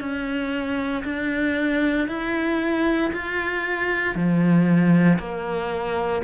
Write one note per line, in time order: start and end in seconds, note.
0.00 1.03 C#4
1.04 2.07 D4
2.08 3.11 E4
3.12 4.15 F4
4.15 5.18 F3
5.19 6.22 A#3